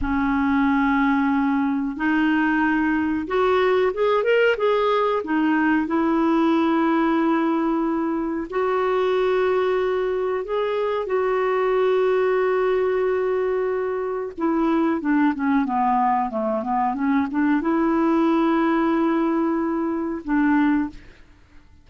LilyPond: \new Staff \with { instrumentName = "clarinet" } { \time 4/4 \tempo 4 = 92 cis'2. dis'4~ | dis'4 fis'4 gis'8 ais'8 gis'4 | dis'4 e'2.~ | e'4 fis'2. |
gis'4 fis'2.~ | fis'2 e'4 d'8 cis'8 | b4 a8 b8 cis'8 d'8 e'4~ | e'2. d'4 | }